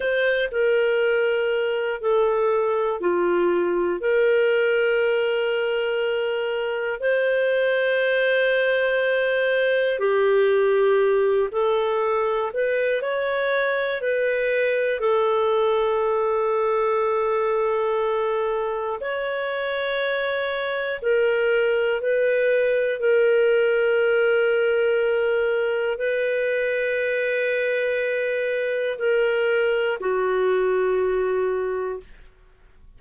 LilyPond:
\new Staff \with { instrumentName = "clarinet" } { \time 4/4 \tempo 4 = 60 c''8 ais'4. a'4 f'4 | ais'2. c''4~ | c''2 g'4. a'8~ | a'8 b'8 cis''4 b'4 a'4~ |
a'2. cis''4~ | cis''4 ais'4 b'4 ais'4~ | ais'2 b'2~ | b'4 ais'4 fis'2 | }